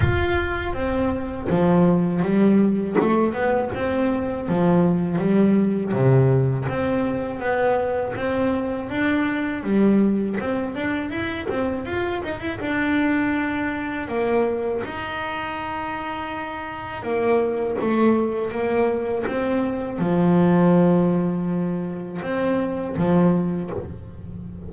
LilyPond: \new Staff \with { instrumentName = "double bass" } { \time 4/4 \tempo 4 = 81 f'4 c'4 f4 g4 | a8 b8 c'4 f4 g4 | c4 c'4 b4 c'4 | d'4 g4 c'8 d'8 e'8 c'8 |
f'8 dis'16 e'16 d'2 ais4 | dis'2. ais4 | a4 ais4 c'4 f4~ | f2 c'4 f4 | }